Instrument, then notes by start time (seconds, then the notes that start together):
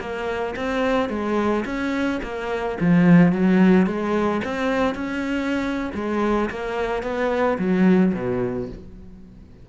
cello
0.00 A#3
0.56 C4
1.10 G#3
1.65 C#4
2.23 A#3
2.80 F3
3.33 F#3
3.86 G#3
4.45 C4
4.95 C#4
5.95 G#3
6.50 A#3
7.03 B3
7.58 F#3
8.14 B2